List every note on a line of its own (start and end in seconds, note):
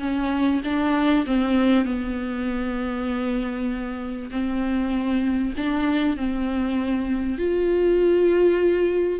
0.00 0.61 C#4
0.64 1.26 D4
1.26 1.85 C4
1.85 4.30 B3
4.31 5.54 C4
5.57 6.16 D4
6.16 7.38 C4
7.38 9.20 F4